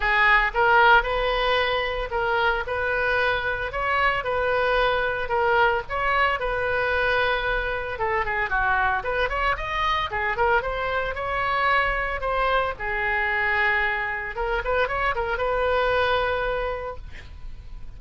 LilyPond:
\new Staff \with { instrumentName = "oboe" } { \time 4/4 \tempo 4 = 113 gis'4 ais'4 b'2 | ais'4 b'2 cis''4 | b'2 ais'4 cis''4 | b'2. a'8 gis'8 |
fis'4 b'8 cis''8 dis''4 gis'8 ais'8 | c''4 cis''2 c''4 | gis'2. ais'8 b'8 | cis''8 ais'8 b'2. | }